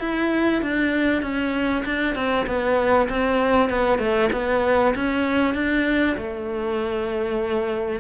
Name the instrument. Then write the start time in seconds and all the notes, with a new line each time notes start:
cello
0.00 E4
0.62 D4
1.22 C#4
1.85 D4
2.15 C4
2.47 B3
3.09 C4
3.69 B3
3.99 A3
4.32 B3
4.95 C#4
5.54 D4
6.17 A3